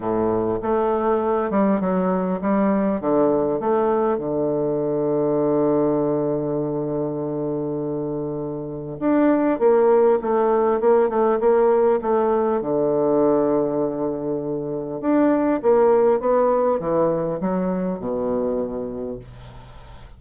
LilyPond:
\new Staff \with { instrumentName = "bassoon" } { \time 4/4 \tempo 4 = 100 a,4 a4. g8 fis4 | g4 d4 a4 d4~ | d1~ | d2. d'4 |
ais4 a4 ais8 a8 ais4 | a4 d2.~ | d4 d'4 ais4 b4 | e4 fis4 b,2 | }